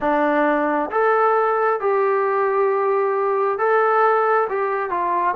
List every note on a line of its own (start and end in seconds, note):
0.00 0.90 D4
0.90 1.80 A4
1.80 3.58 G4
3.58 4.48 A4
4.49 4.90 G4
4.90 5.34 F4